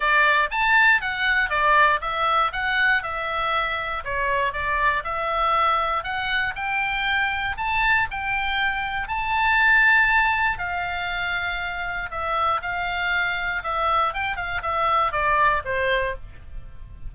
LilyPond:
\new Staff \with { instrumentName = "oboe" } { \time 4/4 \tempo 4 = 119 d''4 a''4 fis''4 d''4 | e''4 fis''4 e''2 | cis''4 d''4 e''2 | fis''4 g''2 a''4 |
g''2 a''2~ | a''4 f''2. | e''4 f''2 e''4 | g''8 f''8 e''4 d''4 c''4 | }